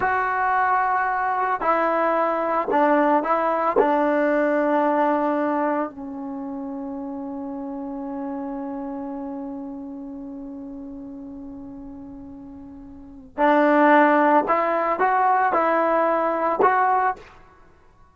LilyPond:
\new Staff \with { instrumentName = "trombone" } { \time 4/4 \tempo 4 = 112 fis'2. e'4~ | e'4 d'4 e'4 d'4~ | d'2. cis'4~ | cis'1~ |
cis'1~ | cis'1~ | cis'4 d'2 e'4 | fis'4 e'2 fis'4 | }